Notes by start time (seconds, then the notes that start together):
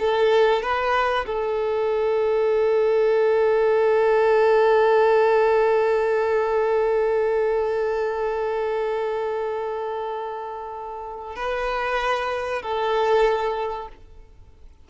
0.00 A4
0.63 B4
1.27 A4
11.36 B4
12.63 A4